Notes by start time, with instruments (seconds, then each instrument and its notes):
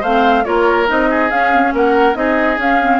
0.00 bassoon A3, clarinet C4, oboe C5, flute F5
0.44 bassoon A#3, clarinet F4, oboe A#4, flute C#5
0.86 bassoon C4, clarinet D#4, flute D#5
1.09 oboe G#4
1.30 bassoon C#4, clarinet C#4, flute F5
1.53 clarinet C4
1.63 clarinet C#4
1.73 bassoon A#3, oboe A#4, flute F#5
2.14 bassoon C4, clarinet D#4, oboe G#4, flute D#5
2.57 bassoon C#4, clarinet C#4, flute F5
2.81 clarinet C4